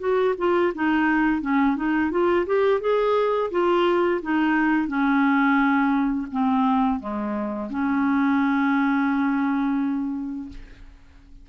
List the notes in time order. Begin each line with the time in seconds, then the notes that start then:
0.00 F#4
0.38 F4
0.75 D#4
1.42 C#4
1.77 D#4
2.12 F4
2.47 G4
2.81 G#4
3.52 F4
4.23 D#4
4.88 C#4
6.32 C4
7.00 G#3
7.70 C#4